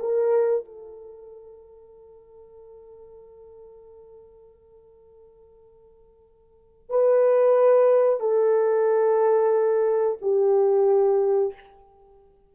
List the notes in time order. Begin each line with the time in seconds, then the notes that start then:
0.00 A#4
0.65 A4
6.90 B4
8.20 A4
10.22 G4